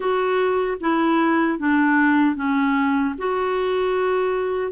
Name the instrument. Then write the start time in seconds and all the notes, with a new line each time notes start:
clarinet
0.00 F#4
0.80 E4
1.58 D4
2.35 C#4
3.18 F#4